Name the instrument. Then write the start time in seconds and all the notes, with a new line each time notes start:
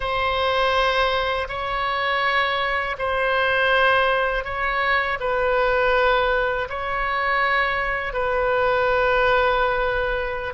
oboe
0.00 C5
1.48 C#5
2.98 C5
4.44 C#5
5.20 B4
6.69 C#5
8.13 B4